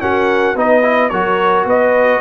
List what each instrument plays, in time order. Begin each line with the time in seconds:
0.00 trombone C#4, tuba F#4, horn A#4, trumpet F#5
0.55 tuba B3, trombone D#4, horn B4, trumpet D#5
0.82 trombone E4
1.09 tuba F#3, trombone F#4, horn A#4, trumpet C#5
1.64 tuba B3, horn B4, trumpet D#5